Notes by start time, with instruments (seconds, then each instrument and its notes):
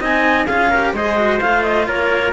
0.00 cello C4 D#4, trumpet D#5, clarinet G#5
0.47 cello C#4 F4, trumpet G#4, clarinet F5
0.70 cello G4, trumpet A#4
0.93 cello G#3 G#4, trumpet C5, clarinet D#5
1.16 cello F#4
1.40 cello A3 F4, clarinet F5
1.63 clarinet D#5
1.88 cello A#3, trumpet A#4, clarinet C#5